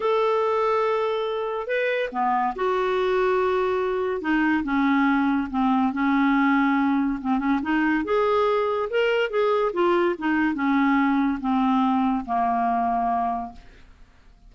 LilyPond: \new Staff \with { instrumentName = "clarinet" } { \time 4/4 \tempo 4 = 142 a'1 | b'4 b4 fis'2~ | fis'2 dis'4 cis'4~ | cis'4 c'4 cis'2~ |
cis'4 c'8 cis'8 dis'4 gis'4~ | gis'4 ais'4 gis'4 f'4 | dis'4 cis'2 c'4~ | c'4 ais2. | }